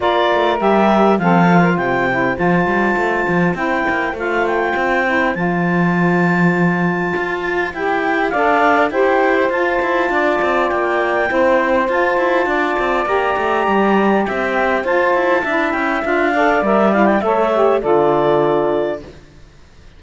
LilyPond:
<<
  \new Staff \with { instrumentName = "clarinet" } { \time 4/4 \tempo 4 = 101 d''4 e''4 f''4 g''4 | a''2 g''4 f''8 g''8~ | g''4 a''2.~ | a''4 g''4 f''4 g''4 |
a''2 g''2 | a''2 ais''2 | g''4 a''4. g''8 f''4 | e''8 f''16 g''16 e''4 d''2 | }
  \new Staff \with { instrumentName = "saxophone" } { \time 4/4 ais'2 a'8. ais'16 c''4~ | c''1~ | c''1~ | c''2 d''4 c''4~ |
c''4 d''2 c''4~ | c''4 d''2. | e''4 c''4 e''4. d''8~ | d''4 cis''4 a'2 | }
  \new Staff \with { instrumentName = "saxophone" } { \time 4/4 f'4 g'4 c'8 f'4 e'8 | f'2 e'4 f'4~ | f'8 e'8 f'2.~ | f'4 g'4 a'4 g'4 |
f'2. e'4 | f'2 g'2~ | g'4 f'4 e'4 f'8 a'8 | ais'8 e'8 a'8 g'8 f'2 | }
  \new Staff \with { instrumentName = "cello" } { \time 4/4 ais8 a8 g4 f4 c4 | f8 g8 a8 f8 c'8 ais8 a4 | c'4 f2. | f'4 e'4 d'4 e'4 |
f'8 e'8 d'8 c'8 ais4 c'4 | f'8 e'8 d'8 c'8 ais8 a8 g4 | c'4 f'8 e'8 d'8 cis'8 d'4 | g4 a4 d2 | }
>>